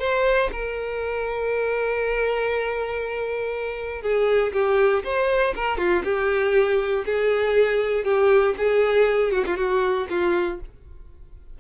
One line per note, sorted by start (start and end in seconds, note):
0.00 0.50 C5
0.53 4.02 A#4
4.02 4.53 G#4
4.53 5.04 G4
5.04 5.55 C5
5.56 5.78 A#4
5.78 6.03 F4
6.05 7.05 G4
7.06 8.05 G#4
8.05 8.55 G4
8.58 9.32 G#4
9.32 9.45 F#4
9.46 9.58 F4
9.58 10.08 F#4
10.10 10.60 F4